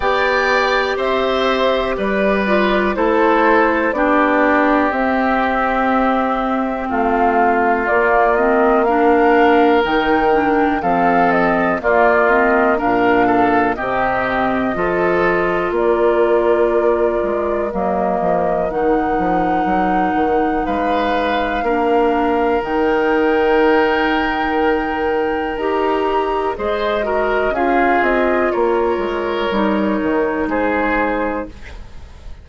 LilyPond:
<<
  \new Staff \with { instrumentName = "flute" } { \time 4/4 \tempo 4 = 61 g''4 e''4 d''4 c''4 | d''4 e''2 f''4 | d''8 dis''8 f''4 g''4 f''8 dis''8 | d''8 dis''8 f''4 dis''2 |
d''2 dis''4 fis''4~ | fis''4 f''2 g''4~ | g''2 ais''4 dis''4 | f''8 dis''8 cis''2 c''4 | }
  \new Staff \with { instrumentName = "oboe" } { \time 4/4 d''4 c''4 b'4 a'4 | g'2. f'4~ | f'4 ais'2 a'4 | f'4 ais'8 a'8 g'4 a'4 |
ais'1~ | ais'4 b'4 ais'2~ | ais'2. c''8 ais'8 | gis'4 ais'2 gis'4 | }
  \new Staff \with { instrumentName = "clarinet" } { \time 4/4 g'2~ g'8 f'8 e'4 | d'4 c'2. | ais8 c'8 d'4 dis'8 d'8 c'4 | ais8 c'8 d'4 c'4 f'4~ |
f'2 ais4 dis'4~ | dis'2 d'4 dis'4~ | dis'2 g'4 gis'8 fis'8 | f'2 dis'2 | }
  \new Staff \with { instrumentName = "bassoon" } { \time 4/4 b4 c'4 g4 a4 | b4 c'2 a4 | ais2 dis4 f4 | ais4 ais,4 c4 f4 |
ais4. gis8 fis8 f8 dis8 f8 | fis8 dis8 gis4 ais4 dis4~ | dis2 dis'4 gis4 | cis'8 c'8 ais8 gis8 g8 dis8 gis4 | }
>>